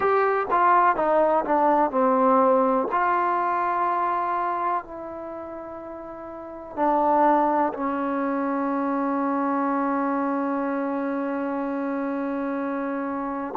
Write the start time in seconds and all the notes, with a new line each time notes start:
0.00 G4
0.50 F4
0.95 D#4
1.45 D4
1.90 C4
2.91 F4
4.84 E4
6.76 D4
7.73 C#4